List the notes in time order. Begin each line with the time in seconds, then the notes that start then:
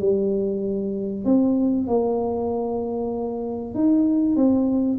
0.00 G3
1.25 C4
1.88 A#3
3.75 D#4
4.36 C4